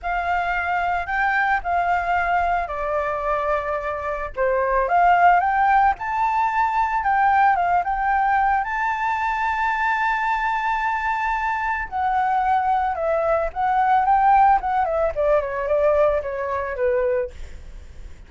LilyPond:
\new Staff \with { instrumentName = "flute" } { \time 4/4 \tempo 4 = 111 f''2 g''4 f''4~ | f''4 d''2. | c''4 f''4 g''4 a''4~ | a''4 g''4 f''8 g''4. |
a''1~ | a''2 fis''2 | e''4 fis''4 g''4 fis''8 e''8 | d''8 cis''8 d''4 cis''4 b'4 | }